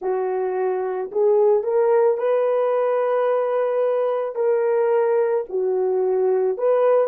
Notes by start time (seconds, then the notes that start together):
0.01 F#4
1.12 G#4
1.63 A#4
2.17 B4
4.35 A#4
5.48 F#4
6.57 B4